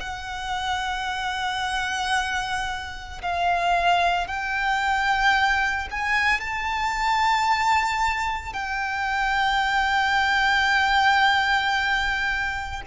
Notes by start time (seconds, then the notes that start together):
0.00 F#5
3.22 F5
4.27 G5
5.91 G#5
6.40 A5
8.53 G5